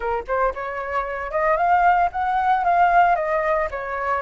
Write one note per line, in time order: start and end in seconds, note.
0.00 0.24 A#4
0.27 0.53 C5
0.54 1.31 C#5
1.31 1.56 D#5
1.56 2.09 F5
2.12 2.64 F#5
2.64 3.15 F5
3.15 3.68 D#5
3.70 4.22 C#5